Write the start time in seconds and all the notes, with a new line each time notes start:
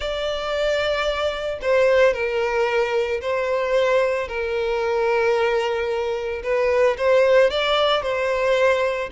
0.00 D5
1.61 C5
2.13 A#4
3.21 C5
4.28 A#4
6.43 B4
6.97 C5
7.50 D5
8.02 C5